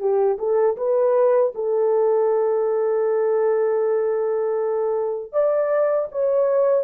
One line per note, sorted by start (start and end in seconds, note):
0.00 0.38 G4
0.39 0.77 A4
0.77 1.53 B4
1.55 5.32 A4
5.32 6.08 D5
6.12 6.84 C#5